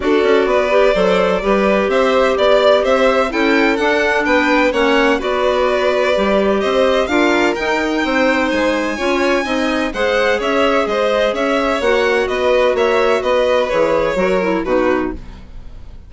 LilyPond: <<
  \new Staff \with { instrumentName = "violin" } { \time 4/4 \tempo 4 = 127 d''1 | e''4 d''4 e''4 g''4 | fis''4 g''4 fis''4 d''4~ | d''2 dis''4 f''4 |
g''2 gis''2~ | gis''4 fis''4 e''4 dis''4 | e''4 fis''4 dis''4 e''4 | dis''4 cis''2 b'4 | }
  \new Staff \with { instrumentName = "violin" } { \time 4/4 a'4 b'4 c''4 b'4 | c''4 d''4 c''4 a'4~ | a'4 b'4 cis''4 b'4~ | b'2 c''4 ais'4~ |
ais'4 c''2 cis''4 | dis''4 c''4 cis''4 c''4 | cis''2 b'4 cis''4 | b'2 ais'4 fis'4 | }
  \new Staff \with { instrumentName = "clarinet" } { \time 4/4 fis'4. g'8 a'4 g'4~ | g'2. e'4 | d'2 cis'4 fis'4~ | fis'4 g'2 f'4 |
dis'2. f'4 | dis'4 gis'2.~ | gis'4 fis'2.~ | fis'4 gis'4 fis'8 e'8 dis'4 | }
  \new Staff \with { instrumentName = "bassoon" } { \time 4/4 d'8 cis'8 b4 fis4 g4 | c'4 b4 c'4 cis'4 | d'4 b4 ais4 b4~ | b4 g4 c'4 d'4 |
dis'4 c'4 gis4 cis'4 | c'4 gis4 cis'4 gis4 | cis'4 ais4 b4 ais4 | b4 e4 fis4 b,4 | }
>>